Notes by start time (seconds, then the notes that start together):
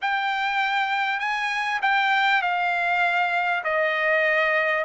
0.01 G5
1.19 G#5
1.82 G5
2.42 F5
3.64 D#5